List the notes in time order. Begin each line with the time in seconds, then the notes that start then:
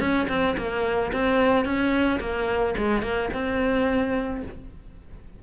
0.00 C#4
0.29 C4
0.57 A#3
1.13 C4
1.65 C#4
2.20 A#3
2.77 G#3
3.02 A#3
3.33 C4